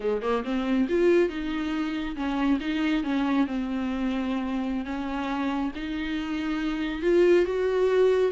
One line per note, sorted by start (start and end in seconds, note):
0.00 0.22 G#3
0.22 0.43 A#3
0.44 0.87 C4
0.88 1.29 F4
1.29 2.15 D#4
2.16 2.59 C#4
2.60 3.03 D#4
3.03 3.46 C#4
3.46 4.85 C4
4.85 5.71 C#4
5.75 7.01 D#4
7.01 7.45 F4
7.45 8.31 F#4